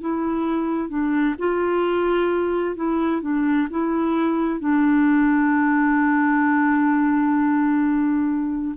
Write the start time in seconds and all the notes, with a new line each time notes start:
0.00 E4
0.89 D4
1.38 F4
2.75 E4
3.21 D4
3.70 E4
4.59 D4